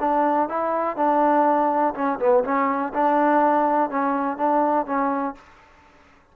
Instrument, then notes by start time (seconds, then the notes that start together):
trombone
0.00 D4
0.49 E4
0.96 D4
1.94 C#4
2.19 B3
2.44 C#4
2.94 D4
3.90 C#4
4.37 D4
4.86 C#4